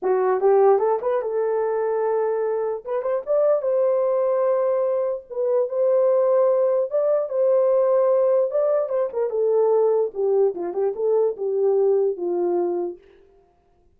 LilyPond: \new Staff \with { instrumentName = "horn" } { \time 4/4 \tempo 4 = 148 fis'4 g'4 a'8 b'8 a'4~ | a'2. b'8 c''8 | d''4 c''2.~ | c''4 b'4 c''2~ |
c''4 d''4 c''2~ | c''4 d''4 c''8 ais'8 a'4~ | a'4 g'4 f'8 g'8 a'4 | g'2 f'2 | }